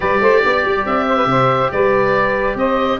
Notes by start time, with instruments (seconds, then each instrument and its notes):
0.00 tuba G3, trombone G4, saxophone B4, oboe D5
0.20 tuba A3, saxophone C5
0.42 tuba B3, saxophone D5
0.64 tuba G3
0.86 tuba C4, oboe E5
1.08 saxophone C5
1.16 saxophone B4
1.25 tuba C3, saxophone C5
1.71 tuba G3, saxophone B4, oboe D5
2.55 tuba C4, saxophone C5, oboe D#5